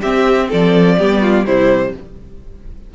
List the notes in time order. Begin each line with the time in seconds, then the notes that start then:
0.00 C4 G4 E5
0.48 F3 A4 D5
0.98 G3 B3 G4
1.21 F4
1.45 C3 G3 E4 C5